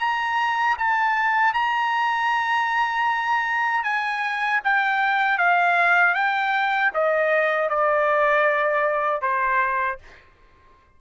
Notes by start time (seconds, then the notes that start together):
0.00 A#5
0.78 A5
1.54 A#5
3.84 G#5
4.64 G5
5.38 F5
6.14 G5
6.94 D#5
7.69 D5
9.22 C5